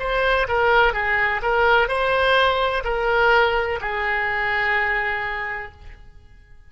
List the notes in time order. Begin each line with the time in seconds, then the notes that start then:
0.00 C5
0.48 A#4
0.94 G#4
1.43 A#4
1.89 C5
2.84 A#4
3.81 G#4